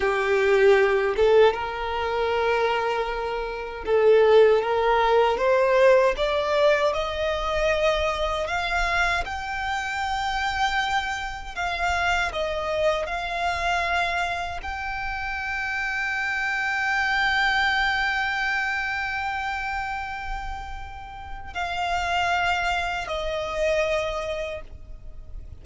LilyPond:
\new Staff \with { instrumentName = "violin" } { \time 4/4 \tempo 4 = 78 g'4. a'8 ais'2~ | ais'4 a'4 ais'4 c''4 | d''4 dis''2 f''4 | g''2. f''4 |
dis''4 f''2 g''4~ | g''1~ | g''1 | f''2 dis''2 | }